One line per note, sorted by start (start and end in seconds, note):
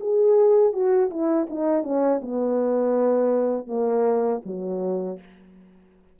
0.00 0.73 G#4
0.73 1.10 F#4
1.10 1.47 E4
1.49 1.83 D#4
1.83 2.20 C#4
2.21 3.67 B3
3.67 4.41 A#3
4.45 5.19 F#3